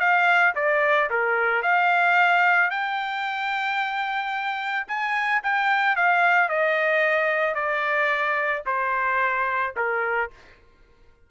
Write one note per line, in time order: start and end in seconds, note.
0.00 0.54 F5
0.56 1.10 D5
1.10 1.63 A#4
1.63 2.71 F5
2.71 4.87 G5
4.88 5.42 G#5
5.43 5.96 G5
5.96 6.49 F5
6.49 7.55 D#5
7.55 8.63 D5
8.67 9.75 C5
9.77 10.31 A#4